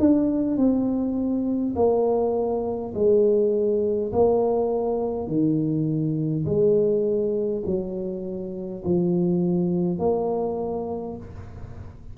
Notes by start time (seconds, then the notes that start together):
0.00 D4
0.58 C4
1.76 A#3
2.95 G#3
4.13 A#3
5.28 D#3
6.46 G#3
7.66 F#3
8.85 F3
9.99 A#3